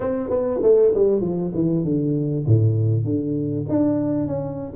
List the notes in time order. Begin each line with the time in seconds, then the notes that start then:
0.00 C4
0.29 B3
0.62 A3
0.94 G3
1.21 F3
1.54 E3
1.84 D3
2.46 A2
3.04 D3
3.68 D4
4.27 C#4